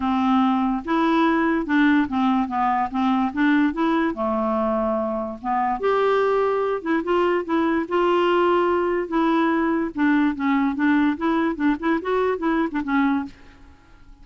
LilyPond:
\new Staff \with { instrumentName = "clarinet" } { \time 4/4 \tempo 4 = 145 c'2 e'2 | d'4 c'4 b4 c'4 | d'4 e'4 a2~ | a4 b4 g'2~ |
g'8 e'8 f'4 e'4 f'4~ | f'2 e'2 | d'4 cis'4 d'4 e'4 | d'8 e'8 fis'4 e'8. d'16 cis'4 | }